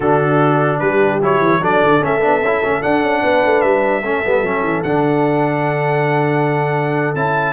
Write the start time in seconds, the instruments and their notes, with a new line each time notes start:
0.00 tuba D3, trombone D4, horn F#4, trumpet A4
0.79 tuba G3, horn G4, trumpet B4
1.21 tuba F#3, trombone E4, trumpet C#5
1.40 tuba E3
1.61 tuba F#3, trombone D4, horn A4, trumpet D5
1.82 tuba D3
2.00 tuba A3, trombone C#4, trumpet E5
2.21 tuba B3, trombone D4
2.41 tuba C#4, trombone E4
2.62 tuba A3, trombone C#4
2.82 trombone D4, tuba D4, trumpet F#5
3.02 tuba C#4
3.22 tuba B3, horn B4
3.45 tuba A3
3.61 tuba G3, trumpet E5
4.01 tuba A3, trombone C#4, horn A4
4.24 tuba G3, trombone B3
4.42 tuba F#3, trombone C#4
4.62 tuba E3
4.83 tuba D3, trombone D4, trumpet F#5
7.15 tuba C#4, trombone E4, trumpet A5